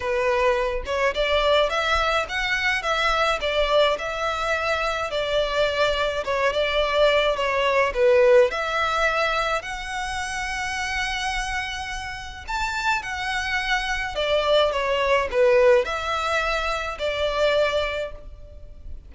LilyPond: \new Staff \with { instrumentName = "violin" } { \time 4/4 \tempo 4 = 106 b'4. cis''8 d''4 e''4 | fis''4 e''4 d''4 e''4~ | e''4 d''2 cis''8 d''8~ | d''4 cis''4 b'4 e''4~ |
e''4 fis''2.~ | fis''2 a''4 fis''4~ | fis''4 d''4 cis''4 b'4 | e''2 d''2 | }